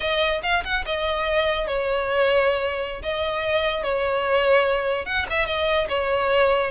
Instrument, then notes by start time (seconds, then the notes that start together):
violin
0.00 D#5
0.43 F5
0.64 F#5
0.85 D#5
1.67 C#5
3.02 D#5
3.83 C#5
5.05 F#5
5.30 E5
5.46 D#5
5.88 C#5